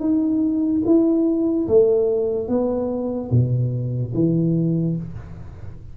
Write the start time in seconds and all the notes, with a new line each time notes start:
0.00 D#4
0.85 E4
1.67 A3
2.48 B3
3.31 B2
4.14 E3